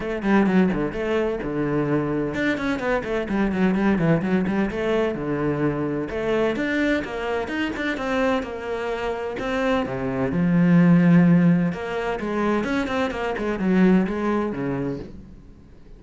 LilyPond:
\new Staff \with { instrumentName = "cello" } { \time 4/4 \tempo 4 = 128 a8 g8 fis8 d8 a4 d4~ | d4 d'8 cis'8 b8 a8 g8 fis8 | g8 e8 fis8 g8 a4 d4~ | d4 a4 d'4 ais4 |
dis'8 d'8 c'4 ais2 | c'4 c4 f2~ | f4 ais4 gis4 cis'8 c'8 | ais8 gis8 fis4 gis4 cis4 | }